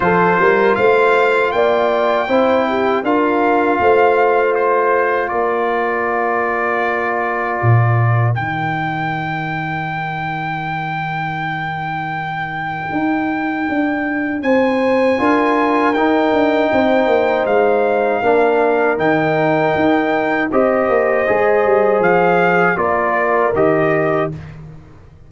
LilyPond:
<<
  \new Staff \with { instrumentName = "trumpet" } { \time 4/4 \tempo 4 = 79 c''4 f''4 g''2 | f''2 c''4 d''4~ | d''2. g''4~ | g''1~ |
g''2. gis''4~ | gis''4 g''2 f''4~ | f''4 g''2 dis''4~ | dis''4 f''4 d''4 dis''4 | }
  \new Staff \with { instrumentName = "horn" } { \time 4/4 a'8 ais'8 c''4 d''4 c''8 g'8 | ais'4 c''2 ais'4~ | ais'1~ | ais'1~ |
ais'2. c''4 | ais'2 c''2 | ais'2. c''4~ | c''2 ais'2 | }
  \new Staff \with { instrumentName = "trombone" } { \time 4/4 f'2. e'4 | f'1~ | f'2. dis'4~ | dis'1~ |
dis'1 | f'4 dis'2. | d'4 dis'2 g'4 | gis'2 f'4 g'4 | }
  \new Staff \with { instrumentName = "tuba" } { \time 4/4 f8 g8 a4 ais4 c'4 | d'4 a2 ais4~ | ais2 ais,4 dis4~ | dis1~ |
dis4 dis'4 d'4 c'4 | d'4 dis'8 d'8 c'8 ais8 gis4 | ais4 dis4 dis'4 c'8 ais8 | gis8 g8 f4 ais4 dis4 | }
>>